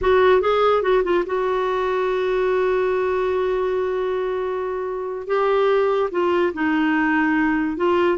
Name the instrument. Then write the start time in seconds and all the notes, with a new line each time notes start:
clarinet
0.01 F#4
0.41 G#4
0.82 F#4
1.03 F4
1.25 F#4
5.27 G4
6.11 F4
6.53 D#4
7.76 F4